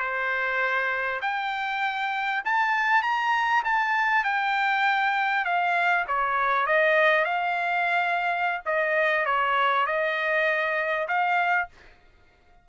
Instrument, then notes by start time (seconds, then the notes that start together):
trumpet
0.00 C5
1.22 G5
2.45 A5
3.03 A#5
3.65 A5
4.25 G5
5.45 F5
6.08 C#5
6.67 D#5
7.25 F5
8.66 D#5
9.26 C#5
9.87 D#5
11.08 F5